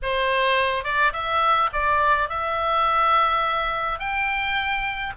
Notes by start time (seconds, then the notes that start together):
0.02 C5
0.84 D5
1.12 E5
1.72 D5
2.29 E5
3.99 G5